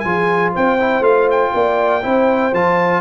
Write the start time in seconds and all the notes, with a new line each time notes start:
0.00 F3 F4 G#4 G#5
0.52 C4 C5 G5
0.79 E4
1.00 A3 F4 F5
1.31 G5
1.54 A#3 D5
2.02 C4 E4 C5
2.53 F3 F4 A5